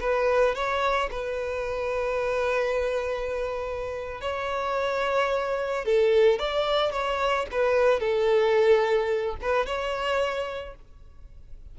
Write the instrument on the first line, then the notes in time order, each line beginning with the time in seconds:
violin
0.00 B4
0.55 C#5
1.11 B4
4.21 C#5
5.85 A4
6.39 D5
6.91 C#5
7.51 B4
8.00 A4
9.41 B4
9.66 C#5